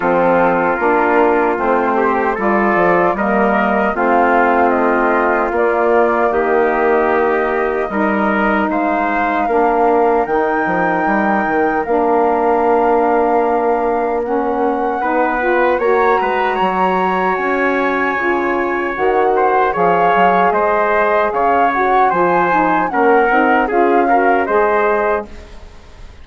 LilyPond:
<<
  \new Staff \with { instrumentName = "flute" } { \time 4/4 \tempo 4 = 76 a'4 ais'4 c''4 d''4 | dis''4 f''4 dis''4 d''4 | dis''2. f''4~ | f''4 g''2 f''4~ |
f''2 fis''2 | ais''2 gis''2 | fis''4 f''4 dis''4 f''8 fis''8 | gis''4 fis''4 f''4 dis''4 | }
  \new Staff \with { instrumentName = "trumpet" } { \time 4/4 f'2~ f'8 g'8 a'4 | ais'4 f'2. | g'2 ais'4 c''4 | ais'1~ |
ais'2. b'4 | cis''8 b'8 cis''2.~ | cis''8 c''8 cis''4 c''4 cis''4 | c''4 ais'4 gis'8 ais'8 c''4 | }
  \new Staff \with { instrumentName = "saxophone" } { \time 4/4 c'4 d'4 c'4 f'4 | ais4 c'2 ais4~ | ais2 dis'2 | d'4 dis'2 d'4~ |
d'2 cis'4 dis'8 f'8 | fis'2. f'4 | fis'4 gis'2~ gis'8 fis'8 | f'8 dis'8 cis'8 dis'8 f'8 fis'8 gis'4 | }
  \new Staff \with { instrumentName = "bassoon" } { \time 4/4 f4 ais4 a4 g8 f8 | g4 a2 ais4 | dis2 g4 gis4 | ais4 dis8 f8 g8 dis8 ais4~ |
ais2. b4 | ais8 gis8 fis4 cis'4 cis4 | dis4 f8 fis8 gis4 cis4 | f4 ais8 c'8 cis'4 gis4 | }
>>